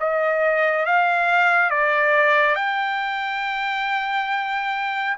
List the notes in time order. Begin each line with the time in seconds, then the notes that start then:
0.00 D#5
0.86 F5
1.70 D5
2.55 G5